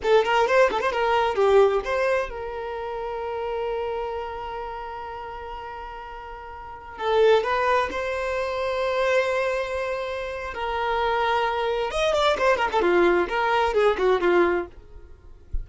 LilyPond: \new Staff \with { instrumentName = "violin" } { \time 4/4 \tempo 4 = 131 a'8 ais'8 c''8 a'16 c''16 ais'4 g'4 | c''4 ais'2.~ | ais'1~ | ais'2.~ ais'16 a'8.~ |
a'16 b'4 c''2~ c''8.~ | c''2. ais'4~ | ais'2 dis''8 d''8 c''8 ais'16 a'16 | f'4 ais'4 gis'8 fis'8 f'4 | }